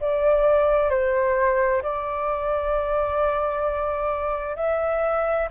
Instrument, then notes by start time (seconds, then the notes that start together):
flute
0.00 D5
0.89 C5
1.82 D5
4.56 E5